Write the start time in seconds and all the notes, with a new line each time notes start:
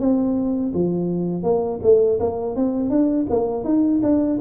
0.00 C4
0.75 F3
1.44 A#3
1.83 A3
2.20 A#3
2.56 C4
2.90 D4
3.31 A#3
3.65 D#4
4.03 D4